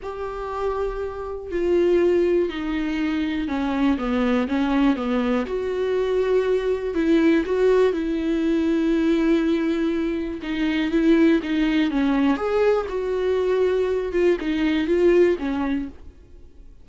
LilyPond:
\new Staff \with { instrumentName = "viola" } { \time 4/4 \tempo 4 = 121 g'2. f'4~ | f'4 dis'2 cis'4 | b4 cis'4 b4 fis'4~ | fis'2 e'4 fis'4 |
e'1~ | e'4 dis'4 e'4 dis'4 | cis'4 gis'4 fis'2~ | fis'8 f'8 dis'4 f'4 cis'4 | }